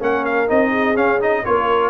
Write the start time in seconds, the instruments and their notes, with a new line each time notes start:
0.00 tuba A#3, trombone C#4, horn A#4, trumpet F#5
0.25 trumpet F5
0.48 tuba C4, trombone D#4, trumpet D#5
0.70 horn G#4
0.95 trombone C#4, tuba C#4, trumpet F5
1.20 trombone D#4, trumpet D#5
1.45 tuba A#3, trombone F4, horn A#4, trumpet C#5